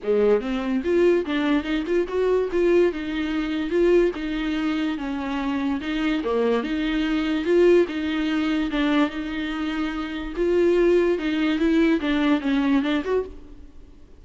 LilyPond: \new Staff \with { instrumentName = "viola" } { \time 4/4 \tempo 4 = 145 gis4 c'4 f'4 d'4 | dis'8 f'8 fis'4 f'4 dis'4~ | dis'4 f'4 dis'2 | cis'2 dis'4 ais4 |
dis'2 f'4 dis'4~ | dis'4 d'4 dis'2~ | dis'4 f'2 dis'4 | e'4 d'4 cis'4 d'8 fis'8 | }